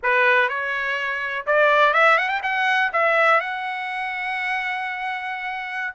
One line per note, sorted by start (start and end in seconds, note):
0.02 0.48 B4
0.48 1.45 C#5
1.46 1.93 D5
1.93 2.18 E5
2.18 2.29 F#5
2.29 2.41 G5
2.42 2.91 F#5
2.92 3.40 E5
3.40 5.94 F#5